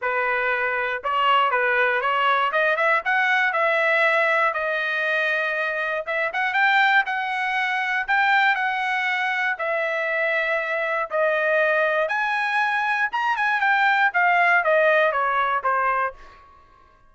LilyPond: \new Staff \with { instrumentName = "trumpet" } { \time 4/4 \tempo 4 = 119 b'2 cis''4 b'4 | cis''4 dis''8 e''8 fis''4 e''4~ | e''4 dis''2. | e''8 fis''8 g''4 fis''2 |
g''4 fis''2 e''4~ | e''2 dis''2 | gis''2 ais''8 gis''8 g''4 | f''4 dis''4 cis''4 c''4 | }